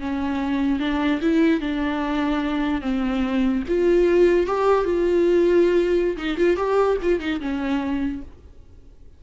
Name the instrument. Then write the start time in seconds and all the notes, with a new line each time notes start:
viola
0.00 C#4
0.80 D4
1.22 E4
1.61 D4
2.82 C4
3.69 F4
4.47 G4
4.85 F4
6.17 D#4
6.38 F4
6.57 G4
7.02 F4
7.20 D#4
7.41 C#4